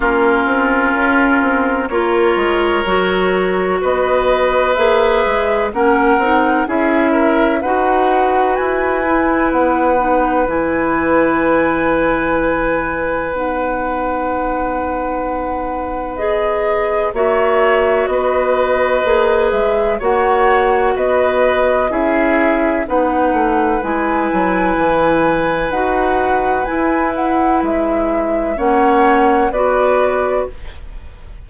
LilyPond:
<<
  \new Staff \with { instrumentName = "flute" } { \time 4/4 \tempo 4 = 63 ais'2 cis''2 | dis''4 e''4 fis''4 e''4 | fis''4 gis''4 fis''4 gis''4~ | gis''2 fis''2~ |
fis''4 dis''4 e''4 dis''4~ | dis''8 e''8 fis''4 dis''4 e''4 | fis''4 gis''2 fis''4 | gis''8 fis''8 e''4 fis''4 d''4 | }
  \new Staff \with { instrumentName = "oboe" } { \time 4/4 f'2 ais'2 | b'2 ais'4 gis'8 ais'8 | b'1~ | b'1~ |
b'2 cis''4 b'4~ | b'4 cis''4 b'4 gis'4 | b'1~ | b'2 cis''4 b'4 | }
  \new Staff \with { instrumentName = "clarinet" } { \time 4/4 cis'2 f'4 fis'4~ | fis'4 gis'4 cis'8 dis'8 e'4 | fis'4. e'4 dis'8 e'4~ | e'2 dis'2~ |
dis'4 gis'4 fis'2 | gis'4 fis'2 e'4 | dis'4 e'2 fis'4 | e'2 cis'4 fis'4 | }
  \new Staff \with { instrumentName = "bassoon" } { \time 4/4 ais8 c'8 cis'8 c'8 ais8 gis8 fis4 | b4 ais8 gis8 ais8 c'8 cis'4 | dis'4 e'4 b4 e4~ | e2 b2~ |
b2 ais4 b4 | ais8 gis8 ais4 b4 cis'4 | b8 a8 gis8 fis8 e4 dis'4 | e'4 gis4 ais4 b4 | }
>>